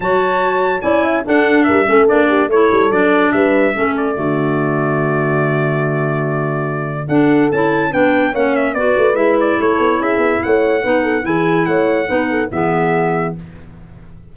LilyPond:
<<
  \new Staff \with { instrumentName = "trumpet" } { \time 4/4 \tempo 4 = 144 a''2 gis''4 fis''4 | e''4 d''4 cis''4 d''4 | e''4. d''2~ d''8~ | d''1~ |
d''4 fis''4 a''4 g''4 | fis''8 e''8 d''4 e''8 d''8 cis''4 | e''4 fis''2 gis''4 | fis''2 e''2 | }
  \new Staff \with { instrumentName = "horn" } { \time 4/4 cis''2 d''8 e''8 a'4 | ais'8 a'4 g'8 a'2 | b'4 a'4 fis'2~ | fis'1~ |
fis'4 a'2 b'4 | cis''4 b'2 a'4 | gis'4 cis''4 b'8 a'8 gis'4 | cis''4 b'8 a'8 gis'2 | }
  \new Staff \with { instrumentName = "clarinet" } { \time 4/4 fis'2 e'4 d'4~ | d'8 cis'8 d'4 e'4 d'4~ | d'4 cis'4 a2~ | a1~ |
a4 d'4 e'4 d'4 | cis'4 fis'4 e'2~ | e'2 dis'4 e'4~ | e'4 dis'4 b2 | }
  \new Staff \with { instrumentName = "tuba" } { \time 4/4 fis2 cis'4 d'4 | g8 a8 ais4 a8 g8 fis4 | g4 a4 d2~ | d1~ |
d4 d'4 cis'4 b4 | ais4 b8 a8 gis4 a8 b8 | cis'8 b8 a4 b4 e4 | a4 b4 e2 | }
>>